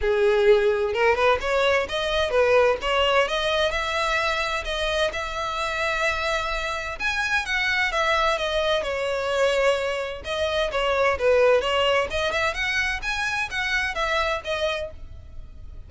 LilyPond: \new Staff \with { instrumentName = "violin" } { \time 4/4 \tempo 4 = 129 gis'2 ais'8 b'8 cis''4 | dis''4 b'4 cis''4 dis''4 | e''2 dis''4 e''4~ | e''2. gis''4 |
fis''4 e''4 dis''4 cis''4~ | cis''2 dis''4 cis''4 | b'4 cis''4 dis''8 e''8 fis''4 | gis''4 fis''4 e''4 dis''4 | }